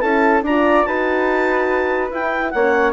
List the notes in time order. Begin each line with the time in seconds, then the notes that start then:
0.00 C#4 E4 A4 A5
0.42 D4 D5 A#5
0.49 F4
0.84 D#4 F#4 B4 A5
2.11 E4 G5
2.50 A#3 C#4 C#5 F#5